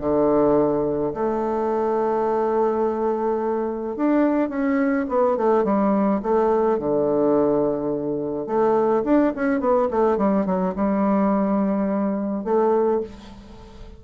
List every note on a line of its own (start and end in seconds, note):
0.00 1.13 D3
1.14 3.96 A3
3.96 4.49 D4
4.49 5.06 C#4
5.08 5.37 B3
5.37 5.64 A3
5.64 6.21 G3
6.22 6.78 A3
6.78 8.46 D3
8.46 9.03 A3
9.04 9.32 D4
9.35 9.60 C#4
9.60 9.88 B3
9.91 10.17 A3
10.17 10.46 G3
10.46 10.74 F#3
10.75 12.44 G3
12.44 13.01 A3